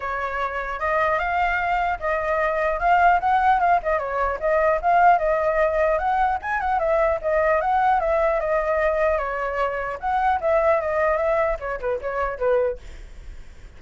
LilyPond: \new Staff \with { instrumentName = "flute" } { \time 4/4 \tempo 4 = 150 cis''2 dis''4 f''4~ | f''4 dis''2 f''4 | fis''4 f''8 dis''8 cis''4 dis''4 | f''4 dis''2 fis''4 |
gis''8 fis''8 e''4 dis''4 fis''4 | e''4 dis''2 cis''4~ | cis''4 fis''4 e''4 dis''4 | e''4 cis''8 b'8 cis''4 b'4 | }